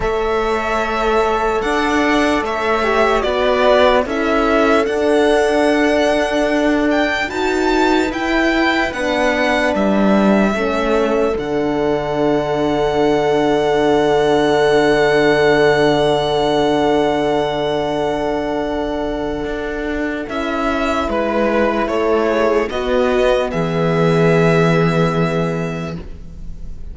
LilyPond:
<<
  \new Staff \with { instrumentName = "violin" } { \time 4/4 \tempo 4 = 74 e''2 fis''4 e''4 | d''4 e''4 fis''2~ | fis''8 g''8 a''4 g''4 fis''4 | e''2 fis''2~ |
fis''1~ | fis''1~ | fis''4 e''4 b'4 cis''4 | dis''4 e''2. | }
  \new Staff \with { instrumentName = "viola" } { \time 4/4 cis''2 d''4 cis''4 | b'4 a'2.~ | a'4 b'2.~ | b'4 a'2.~ |
a'1~ | a'1~ | a'2 b'4 a'8 gis'8 | fis'4 gis'2. | }
  \new Staff \with { instrumentName = "horn" } { \time 4/4 a'2.~ a'8 g'8 | fis'4 e'4 d'2~ | d'4 fis'4 e'4 d'4~ | d'4 cis'4 d'2~ |
d'1~ | d'1~ | d'4 e'2. | b1 | }
  \new Staff \with { instrumentName = "cello" } { \time 4/4 a2 d'4 a4 | b4 cis'4 d'2~ | d'4 dis'4 e'4 b4 | g4 a4 d2~ |
d1~ | d1 | d'4 cis'4 gis4 a4 | b4 e2. | }
>>